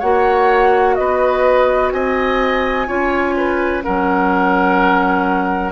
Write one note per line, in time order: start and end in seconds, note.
0.00 0.98 A#3
0.00 2.87 F#4
0.00 0.95 C#5
0.00 0.96 F#5
0.96 1.93 B3
0.96 1.94 B4
0.96 1.91 D#5
1.92 2.88 C4
1.92 2.87 D#5
1.92 3.83 G#5
2.87 3.83 C#4
2.87 3.83 F4
2.87 3.35 C#5
3.37 3.84 B4
3.83 5.72 F#3
3.83 5.72 C#4
3.83 5.72 A#4
3.83 5.72 F#5